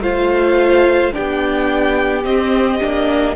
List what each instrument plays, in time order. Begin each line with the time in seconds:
0.00 cello A3, viola F4, violin C5 F5
1.13 cello B3, viola D4, violin G4 G5
2.25 viola C4, cello C4, violin D#5
2.81 cello A#3, viola D4